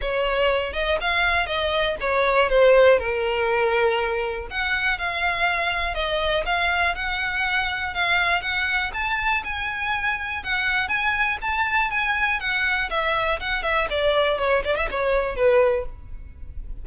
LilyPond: \new Staff \with { instrumentName = "violin" } { \time 4/4 \tempo 4 = 121 cis''4. dis''8 f''4 dis''4 | cis''4 c''4 ais'2~ | ais'4 fis''4 f''2 | dis''4 f''4 fis''2 |
f''4 fis''4 a''4 gis''4~ | gis''4 fis''4 gis''4 a''4 | gis''4 fis''4 e''4 fis''8 e''8 | d''4 cis''8 d''16 e''16 cis''4 b'4 | }